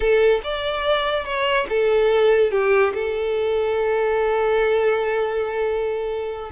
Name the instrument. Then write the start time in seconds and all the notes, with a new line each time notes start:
violin
0.00 A4
0.43 D5
1.24 C#5
1.69 A4
2.51 G4
2.94 A4